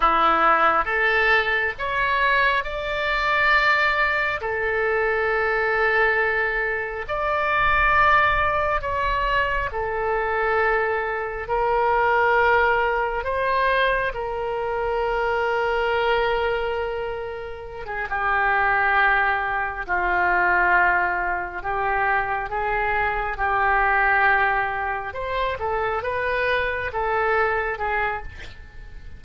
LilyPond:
\new Staff \with { instrumentName = "oboe" } { \time 4/4 \tempo 4 = 68 e'4 a'4 cis''4 d''4~ | d''4 a'2. | d''2 cis''4 a'4~ | a'4 ais'2 c''4 |
ais'1~ | ais'16 gis'16 g'2 f'4.~ | f'8 g'4 gis'4 g'4.~ | g'8 c''8 a'8 b'4 a'4 gis'8 | }